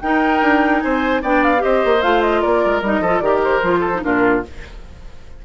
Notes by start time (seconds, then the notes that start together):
0.00 D#4 A#4 G5
0.42 D4
0.80 C4 C5 G#5
1.22 B3 D4 D5 G5
1.43 F5
1.58 G4 C5 D#5
1.64 C4
1.84 A#3
2.02 A3 F4 F5
2.22 D#5
2.41 A#3 A#4 D5
2.65 G#3
2.82 G3 D#4 D#5
3.00 F3 F4 A4
3.19 D#3 G4 A#4 D5
3.43 C5
3.62 F3 F4
3.80 A4
3.94 D#4
4.03 A#2 D4 F4 A#4